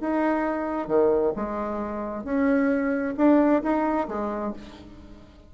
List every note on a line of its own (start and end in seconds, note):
0.00 0.87 D#4
0.87 1.32 D#3
1.36 2.24 G#3
2.24 3.14 C#4
3.17 3.62 D4
3.62 4.07 D#4
4.08 4.53 G#3